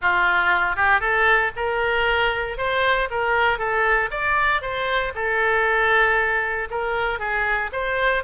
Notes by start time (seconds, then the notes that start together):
0.01 F4
0.76 G4
1.00 A4
1.56 A#4
2.57 C5
3.10 A#4
3.58 A4
4.10 D5
4.61 C5
5.14 A4
6.70 A#4
7.19 G#4
7.72 C5